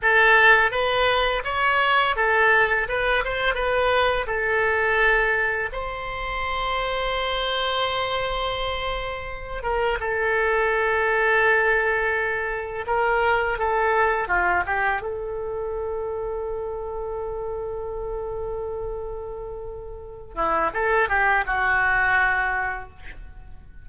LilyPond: \new Staff \with { instrumentName = "oboe" } { \time 4/4 \tempo 4 = 84 a'4 b'4 cis''4 a'4 | b'8 c''8 b'4 a'2 | c''1~ | c''4. ais'8 a'2~ |
a'2 ais'4 a'4 | f'8 g'8 a'2.~ | a'1~ | a'8 e'8 a'8 g'8 fis'2 | }